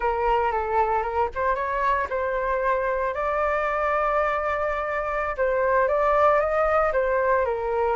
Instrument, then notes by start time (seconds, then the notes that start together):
flute
0.00 A#4
0.51 A4
1.02 A#4
1.34 C5
1.55 C#5
2.09 C5
3.14 D5
5.37 C5
5.87 D5
6.39 D#5
6.92 C5
7.45 A#4